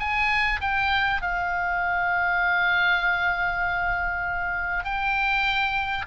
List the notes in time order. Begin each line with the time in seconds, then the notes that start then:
0.00 G#5
0.61 G5
1.21 F5
4.85 G5